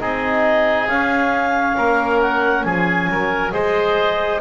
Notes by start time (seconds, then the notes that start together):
0.00 C4 D#4 G#4 D#5
0.88 C#4 F5
1.77 A#3 A#4
2.21 F#5
2.64 F3 G#4 G#5
3.09 F#3 A#4
3.52 G#3 G#4 C5 D#5